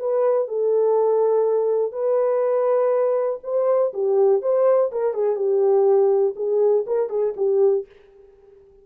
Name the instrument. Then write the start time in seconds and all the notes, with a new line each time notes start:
horn
0.00 B4
0.48 A4
1.92 B4
3.44 C5
3.94 G4
4.42 C5
4.92 A#4
5.14 G#4
5.36 G4
6.36 G#4
6.87 A#4
7.10 G#4
7.37 G4